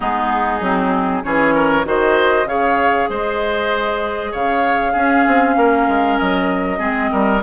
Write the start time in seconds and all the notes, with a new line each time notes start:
0.00 G#3 B3 D#4 G#4
0.60 F#3 C4
1.23 E3 C#4 G#4 C#5
1.54 A#4
1.84 D#3 F#4 C5 D#5
2.45 C#3 G#4 C#5 F5
3.09 G#3 C5 D#5
4.31 C#3 C#5 F5
4.92 C#4 G#4
5.26 C4
5.56 A#3 A#4
5.88 G#3
6.18 F#3 D#5
6.77 G#3 C4 G#4
7.12 G3 A#4